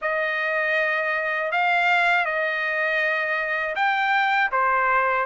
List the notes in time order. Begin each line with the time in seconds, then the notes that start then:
0.01 D#5
1.51 F5
2.25 D#5
3.75 G5
4.51 C5